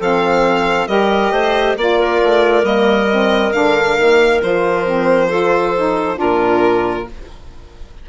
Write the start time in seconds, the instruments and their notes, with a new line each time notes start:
0.00 bassoon F3, saxophone C4, clarinet A4, violin F5
0.88 bassoon G3, saxophone G4, clarinet A#4, violin D#5
1.31 bassoon A3, clarinet C5
1.77 bassoon A#3, saxophone F4, violin D5, clarinet D5
1.99 clarinet A#4
2.24 bassoon A3
2.62 bassoon G3, saxophone A#3, violin D#5
3.11 saxophone C4
3.53 bassoon D3, saxophone D4, violin F5
3.98 bassoon D#3, saxophone A#3
4.43 bassoon F3, saxophone F4, violin C5
4.86 saxophone C4
5.29 saxophone F4, clarinet A4
5.77 saxophone D#4
6.16 bassoon A#2, saxophone D4, clarinet F4, violin A#4